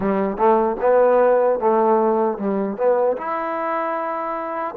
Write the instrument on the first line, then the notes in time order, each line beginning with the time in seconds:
trombone
0.00 G3
0.37 A3
0.80 B3
1.59 A3
2.38 G3
2.77 B3
3.17 E4